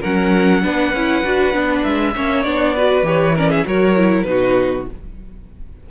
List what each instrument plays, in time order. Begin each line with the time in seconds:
0.00 cello F#3, viola C#4, violin A#4 F#5
0.62 cello B3, viola D4, violin B4
0.92 cello C#4, viola E4
1.24 cello D4, viola F#4
1.52 cello B3, viola D4
1.83 cello G#3, violin E5
2.15 cello A#3, viola C#4, violin C#5
2.43 cello B3, viola D4, violin D5
2.74 viola F#4, violin B4
3.02 cello E3, viola G4, violin C#5
3.35 viola C#4, violin A#4 D5
3.50 violin G#4 E5
3.65 cello F#3, viola F#4, violin A#4 C#5
3.96 viola E4
4.22 cello B2, viola D#4, violin B4
4.30 violin F#4